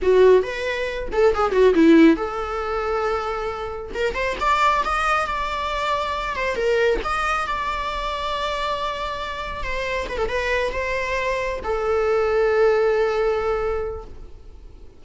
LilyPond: \new Staff \with { instrumentName = "viola" } { \time 4/4 \tempo 4 = 137 fis'4 b'4. a'8 gis'8 fis'8 | e'4 a'2.~ | a'4 ais'8 c''8 d''4 dis''4 | d''2~ d''8 c''8 ais'4 |
dis''4 d''2.~ | d''2 c''4 b'16 a'16 b'8~ | b'8 c''2 a'4.~ | a'1 | }